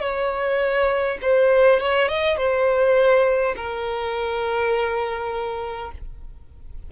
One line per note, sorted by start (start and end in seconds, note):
0.00 1.18 C#5
1.21 1.80 C5
1.80 2.08 C#5
2.08 2.37 D#5
2.37 3.55 C5
3.56 5.91 A#4